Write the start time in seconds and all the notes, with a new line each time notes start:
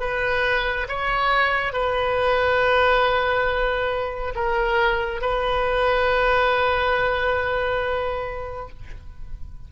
0.00 B4
0.88 C#5
1.73 B4
4.35 A#4
5.21 B4